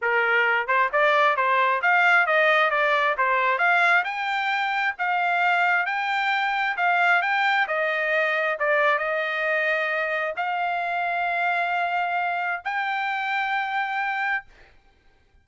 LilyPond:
\new Staff \with { instrumentName = "trumpet" } { \time 4/4 \tempo 4 = 133 ais'4. c''8 d''4 c''4 | f''4 dis''4 d''4 c''4 | f''4 g''2 f''4~ | f''4 g''2 f''4 |
g''4 dis''2 d''4 | dis''2. f''4~ | f''1 | g''1 | }